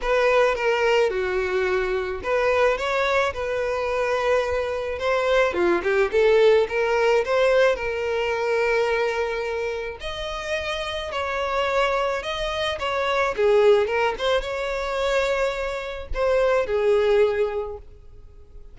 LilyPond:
\new Staff \with { instrumentName = "violin" } { \time 4/4 \tempo 4 = 108 b'4 ais'4 fis'2 | b'4 cis''4 b'2~ | b'4 c''4 f'8 g'8 a'4 | ais'4 c''4 ais'2~ |
ais'2 dis''2 | cis''2 dis''4 cis''4 | gis'4 ais'8 c''8 cis''2~ | cis''4 c''4 gis'2 | }